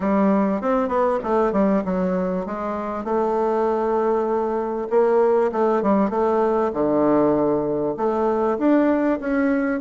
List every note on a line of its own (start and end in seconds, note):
0.00 0.61 G3
0.61 0.88 C4
0.88 1.19 B3
1.23 1.52 A3
1.52 1.83 G3
1.85 2.45 F#3
2.45 3.04 G#3
3.04 4.88 A3
4.90 5.51 A#3
5.52 5.82 A3
5.82 6.09 G3
6.09 6.71 A3
6.73 7.95 D3
7.96 8.58 A3
8.58 9.19 D4
9.20 9.80 C#4